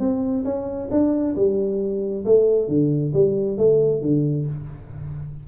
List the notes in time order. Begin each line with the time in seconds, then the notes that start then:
0.00 C4
0.45 C#4
0.91 D4
1.36 G3
2.25 A3
2.68 D3
3.14 G3
3.58 A3
4.02 D3